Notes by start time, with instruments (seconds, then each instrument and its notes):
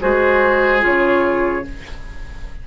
0.00 bassoon G#3, clarinet F#4, oboe G#4, flute C5
0.80 bassoon C#3, clarinet F4, flute C#5